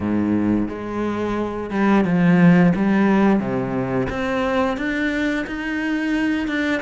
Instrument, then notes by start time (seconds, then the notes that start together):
cello
0.00 G#2
0.68 G#3
1.70 G3
2.04 F3
2.75 G3
3.39 C3
4.09 C4
4.77 D4
5.46 D#4
6.47 D4